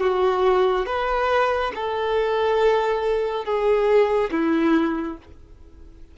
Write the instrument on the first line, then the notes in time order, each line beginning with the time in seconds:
violin
0.00 F#4
0.86 B4
1.75 A4
3.44 G#4
4.31 E4